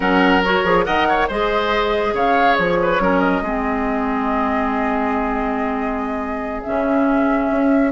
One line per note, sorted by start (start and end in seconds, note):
0.00 0.62 F#3
0.00 0.42 C#4
0.00 0.85 A#4
0.00 0.43 F#5
0.43 0.65 F#4
0.43 0.84 C#5
0.64 0.85 F3
0.64 0.85 G#4
0.84 1.29 D#3
0.84 1.28 A#4
0.84 1.07 D#5
0.84 1.27 F#5
1.08 1.28 C#5
1.28 2.13 G#3
1.28 2.99 G#4
1.28 2.13 C5
1.28 2.15 D#5
2.13 2.56 C#3
2.13 2.78 C#5
2.13 2.55 F5
2.55 2.99 F3
2.55 3.19 C#5
2.82 3.02 B4
2.99 3.41 F#3
2.99 3.42 C#4
2.99 3.42 A#4
3.19 6.62 D#5
3.41 6.62 G#3
3.41 6.64 C4
3.41 7.91 G#4
6.63 7.50 C#3
6.63 7.91 C#4
6.63 7.91 E5
7.50 7.91 C#4